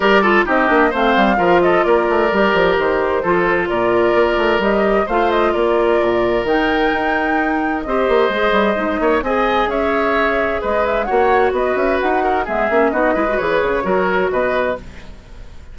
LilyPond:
<<
  \new Staff \with { instrumentName = "flute" } { \time 4/4 \tempo 4 = 130 d''4 dis''4 f''4. dis''8 | d''2 c''2 | d''2 dis''4 f''8 dis''8 | d''2 g''2~ |
g''4 dis''2. | gis''4 e''2 dis''8 e''8 | fis''4 dis''8 e''8 fis''4 e''4 | dis''4 cis''2 dis''4 | }
  \new Staff \with { instrumentName = "oboe" } { \time 4/4 ais'8 a'8 g'4 c''4 ais'8 a'8 | ais'2. a'4 | ais'2. c''4 | ais'1~ |
ais'4 c''2~ c''8 cis''8 | dis''4 cis''2 b'4 | cis''4 b'4. ais'8 gis'4 | fis'8 b'4. ais'4 b'4 | }
  \new Staff \with { instrumentName = "clarinet" } { \time 4/4 g'8 f'8 dis'8 d'8 c'4 f'4~ | f'4 g'2 f'4~ | f'2 g'4 f'4~ | f'2 dis'2~ |
dis'4 g'4 gis'4 dis'4 | gis'1 | fis'2. b8 cis'8 | dis'8 e'16 fis'16 gis'4 fis'2 | }
  \new Staff \with { instrumentName = "bassoon" } { \time 4/4 g4 c'8 ais8 a8 g8 f4 | ais8 a8 g8 f8 dis4 f4 | ais,4 ais8 a8 g4 a4 | ais4 ais,4 dis4 dis'4~ |
dis'4 c'8 ais8 gis8 g8 gis8 ais8 | c'4 cis'2 gis4 | ais4 b8 cis'8 dis'4 gis8 ais8 | b8 gis8 e8 cis8 fis4 b,4 | }
>>